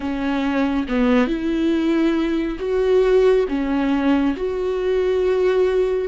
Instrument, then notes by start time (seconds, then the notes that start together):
viola
0.00 C#4
0.88 B3
1.27 E4
2.59 F#4
3.48 C#4
4.36 F#4